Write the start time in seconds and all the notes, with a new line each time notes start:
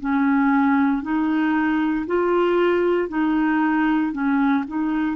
0.00 C#4
1.02 D#4
2.06 F4
3.08 D#4
4.12 C#4
4.67 D#4